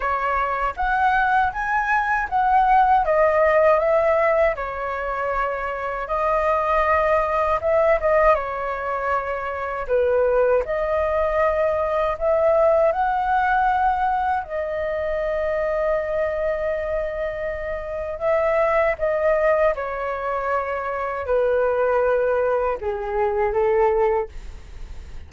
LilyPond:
\new Staff \with { instrumentName = "flute" } { \time 4/4 \tempo 4 = 79 cis''4 fis''4 gis''4 fis''4 | dis''4 e''4 cis''2 | dis''2 e''8 dis''8 cis''4~ | cis''4 b'4 dis''2 |
e''4 fis''2 dis''4~ | dis''1 | e''4 dis''4 cis''2 | b'2 gis'4 a'4 | }